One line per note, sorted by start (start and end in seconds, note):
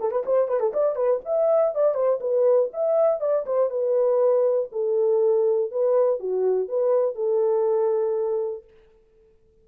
0.00 0.11 A4
0.11 0.24 B4
0.26 0.48 C5
0.48 0.60 B4
0.60 0.72 A4
0.73 0.96 D5
0.96 1.20 B4
1.25 1.75 E5
1.75 1.95 D5
1.95 2.20 C5
2.20 2.70 B4
2.73 3.21 E5
3.21 3.45 D5
3.46 3.70 C5
3.70 4.69 B4
4.72 5.71 A4
5.71 6.20 B4
6.20 6.69 F#4
6.69 7.15 B4
7.15 8.64 A4